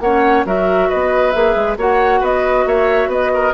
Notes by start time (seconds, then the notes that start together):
0.00 A#3 C#4 C#5 F#5
0.45 F#3 F#4 A#4 E5
0.89 B3 B4 D#5
1.31 A#3 G#4 E5
1.55 G#3
1.77 A#3 F#4 C#5 F#5
2.20 B3 B4 D#5
2.66 A#3 C#5 E5
3.07 B3 B4 D#5
3.33 A#4